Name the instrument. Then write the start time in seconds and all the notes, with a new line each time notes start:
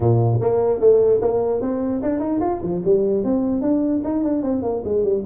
tuba
0.00 A#2
0.40 A#3
0.80 A3
1.21 A#3
1.61 C4
2.02 D4
2.19 D#4
2.40 F4
2.62 F3
2.84 G3
3.23 C4
3.61 D4
4.04 D#4
4.23 D4
4.42 C4
4.62 A#3
4.84 G#3
5.03 G3